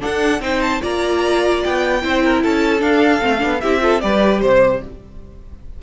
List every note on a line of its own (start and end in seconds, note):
0.00 0.40 D4
0.00 0.41 A4
0.00 0.42 F#5
0.06 0.41 D4
0.40 0.81 C4
0.40 0.80 D#4
0.40 0.82 C5
0.40 0.62 G5
0.62 0.82 A5
0.81 1.64 A#3
0.81 2.01 F4
0.81 2.02 D5
0.81 1.64 A#5
1.64 2.04 B3
1.64 2.44 G5
2.02 2.44 C4
2.02 2.80 E4
2.02 2.24 C5
2.24 2.43 A#4
2.43 2.82 C#4
2.43 3.62 A4
2.43 2.82 A5
2.80 3.20 D4
2.80 3.22 D4
2.80 3.61 F5
3.22 3.43 A3
3.22 3.39 C4
3.39 3.63 B3
3.39 3.59 D4
3.61 4.03 C4
3.61 3.81 E4
3.61 3.82 G4
3.61 4.01 E5
3.81 4.01 F4
3.81 4.03 A4
4.01 4.42 G3
4.01 4.82 G4
4.01 4.43 B4
4.01 4.41 D5
4.42 4.82 C3
4.42 4.82 C5
4.42 4.83 C5